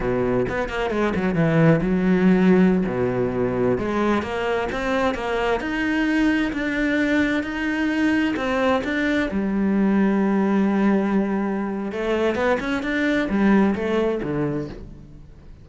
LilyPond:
\new Staff \with { instrumentName = "cello" } { \time 4/4 \tempo 4 = 131 b,4 b8 ais8 gis8 fis8 e4 | fis2~ fis16 b,4.~ b,16~ | b,16 gis4 ais4 c'4 ais8.~ | ais16 dis'2 d'4.~ d'16~ |
d'16 dis'2 c'4 d'8.~ | d'16 g2.~ g8.~ | g2 a4 b8 cis'8 | d'4 g4 a4 d4 | }